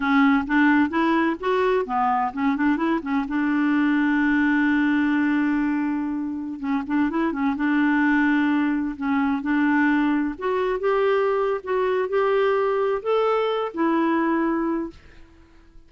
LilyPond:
\new Staff \with { instrumentName = "clarinet" } { \time 4/4 \tempo 4 = 129 cis'4 d'4 e'4 fis'4 | b4 cis'8 d'8 e'8 cis'8 d'4~ | d'1~ | d'2~ d'16 cis'8 d'8 e'8 cis'16~ |
cis'16 d'2. cis'8.~ | cis'16 d'2 fis'4 g'8.~ | g'4 fis'4 g'2 | a'4. e'2~ e'8 | }